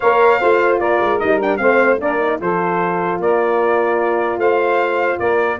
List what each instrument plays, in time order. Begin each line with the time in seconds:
0.00 tuba A#3, horn A#4, saxophone C#5, trumpet F5
0.39 tuba A3, horn F4, saxophone C5
0.79 tuba A#3, saxophone A#4, trumpet D5
0.99 tuba G#3
1.19 tuba G3, horn D#4, trumpet D#5
1.39 horn D4, trumpet G5
1.57 tuba A3, horn C4, saxophone C5, trumpet F5
2.00 tuba A#3, horn D4, saxophone A#4, trumpet D5
2.19 horn D#4
2.39 tuba F3, horn F4, saxophone A4, trumpet C5
3.19 tuba A#3, saxophone A#4, trumpet D5
4.37 tuba A3, saxophone C5, trumpet F5
5.18 tuba A#3, saxophone A#4, trumpet D5